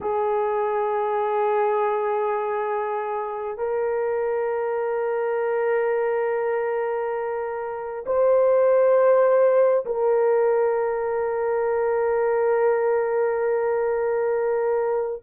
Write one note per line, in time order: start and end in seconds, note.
0.00 3.57 G#4
3.57 8.05 A#4
8.06 9.85 C5
9.85 15.22 A#4